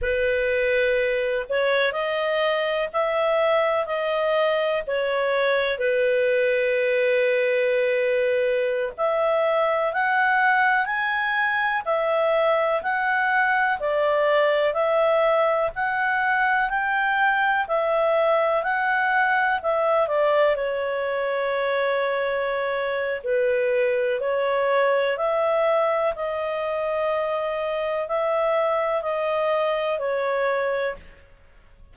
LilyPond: \new Staff \with { instrumentName = "clarinet" } { \time 4/4 \tempo 4 = 62 b'4. cis''8 dis''4 e''4 | dis''4 cis''4 b'2~ | b'4~ b'16 e''4 fis''4 gis''8.~ | gis''16 e''4 fis''4 d''4 e''8.~ |
e''16 fis''4 g''4 e''4 fis''8.~ | fis''16 e''8 d''8 cis''2~ cis''8. | b'4 cis''4 e''4 dis''4~ | dis''4 e''4 dis''4 cis''4 | }